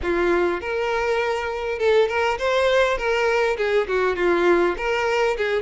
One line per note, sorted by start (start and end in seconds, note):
0.02 0.60 F4
0.60 1.78 A#4
1.78 2.08 A4
2.08 2.38 A#4
2.38 2.97 C5
2.97 3.56 A#4
3.57 3.87 G#4
3.87 4.16 F#4
4.16 4.75 F4
4.77 5.36 A#4
5.37 5.62 G#4